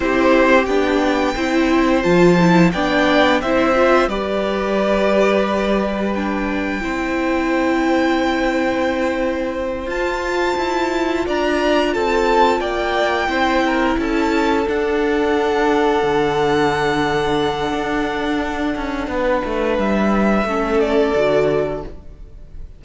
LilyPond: <<
  \new Staff \with { instrumentName = "violin" } { \time 4/4 \tempo 4 = 88 c''4 g''2 a''4 | g''4 e''4 d''2~ | d''4 g''2.~ | g''2~ g''8 a''4.~ |
a''8 ais''4 a''4 g''4.~ | g''8 a''4 fis''2~ fis''8~ | fis''1~ | fis''4 e''4. d''4. | }
  \new Staff \with { instrumentName = "violin" } { \time 4/4 g'2 c''2 | d''4 c''4 b'2~ | b'2 c''2~ | c''1~ |
c''8 d''4 a'4 d''4 c''8 | ais'8 a'2.~ a'8~ | a'1 | b'2 a'2 | }
  \new Staff \with { instrumentName = "viola" } { \time 4/4 e'4 d'4 e'4 f'8 e'8 | d'4 e'8 f'8 g'2~ | g'4 d'4 e'2~ | e'2~ e'8 f'4.~ |
f'2.~ f'8 e'8~ | e'4. d'2~ d'8~ | d'1~ | d'2 cis'4 fis'4 | }
  \new Staff \with { instrumentName = "cello" } { \time 4/4 c'4 b4 c'4 f4 | b4 c'4 g2~ | g2 c'2~ | c'2~ c'8 f'4 e'8~ |
e'8 d'4 c'4 ais4 c'8~ | c'8 cis'4 d'2 d8~ | d2 d'4. cis'8 | b8 a8 g4 a4 d4 | }
>>